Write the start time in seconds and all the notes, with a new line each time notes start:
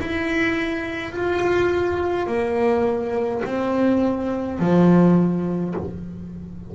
0.00 E4
1.12 F4
2.27 A#3
3.45 C4
4.59 F3